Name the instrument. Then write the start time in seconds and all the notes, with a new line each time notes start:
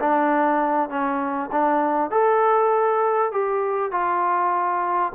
trombone
0.00 D4
0.89 C#4
1.52 D4
2.11 A4
3.32 G4
3.91 F4